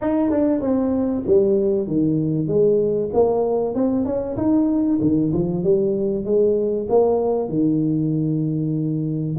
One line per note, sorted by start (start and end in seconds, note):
0.01 0.30 D#4
0.30 0.61 D4
0.61 1.23 C4
1.26 1.87 G3
1.87 2.47 D#3
2.47 3.09 G#3
3.13 3.74 A#3
3.74 4.05 C4
4.05 4.36 C#4
4.36 4.99 D#4
5.01 5.32 D#3
5.33 5.63 F3
5.63 6.24 G3
6.24 6.87 G#3
6.89 7.49 A#3
7.49 9.36 D#3